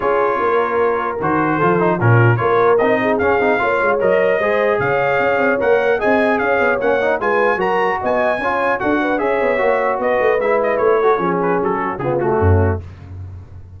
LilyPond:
<<
  \new Staff \with { instrumentName = "trumpet" } { \time 4/4 \tempo 4 = 150 cis''2. c''4~ | c''4 ais'4 cis''4 dis''4 | f''2 dis''2 | f''2 fis''4 gis''4 |
f''4 fis''4 gis''4 ais''4 | gis''2 fis''4 e''4~ | e''4 dis''4 e''8 dis''8 cis''4~ | cis''8 b'8 a'4 gis'8 fis'4. | }
  \new Staff \with { instrumentName = "horn" } { \time 4/4 gis'4 ais'2. | a'4 f'4 ais'4. gis'8~ | gis'4 cis''2 c''4 | cis''2. dis''4 |
cis''2 b'4 ais'4 | dis''4 cis''4 a'8 b'8 cis''4~ | cis''4 b'2~ b'8 a'8 | gis'4. fis'8 f'4 cis'4 | }
  \new Staff \with { instrumentName = "trombone" } { \time 4/4 f'2. fis'4 | f'8 dis'8 cis'4 f'4 dis'4 | cis'8 dis'8 f'4 ais'4 gis'4~ | gis'2 ais'4 gis'4~ |
gis'4 cis'8 dis'8 f'4 fis'4~ | fis'4 f'4 fis'4 gis'4 | fis'2 e'4. fis'8 | cis'2 b8 a4. | }
  \new Staff \with { instrumentName = "tuba" } { \time 4/4 cis'4 ais2 dis4 | f4 ais,4 ais4 c'4 | cis'8 c'8 ais8 gis8 fis4 gis4 | cis4 cis'8 c'8 ais4 c'4 |
cis'8 b8 ais4 gis4 fis4 | b4 cis'4 d'4 cis'8 b8 | ais4 b8 a8 gis4 a4 | f4 fis4 cis4 fis,4 | }
>>